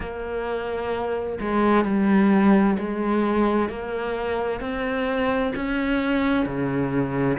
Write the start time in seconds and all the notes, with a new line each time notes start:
0.00 A#3
1.40 G#3
1.85 G3
2.78 G#3
3.69 A#3
4.60 C4
5.55 C#4
6.45 C#3